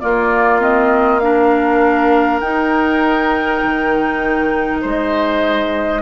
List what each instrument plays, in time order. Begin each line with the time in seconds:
0.00 clarinet A#3, bassoon A#3, oboe F4, flute D5
0.60 clarinet C4, flute D#5
1.19 clarinet D4, oboe A#4, flute F5
2.40 bassoon D#4, clarinet D#4, flute G5
3.64 bassoon D#3
4.81 bassoon G#3, oboe C5, flute D#5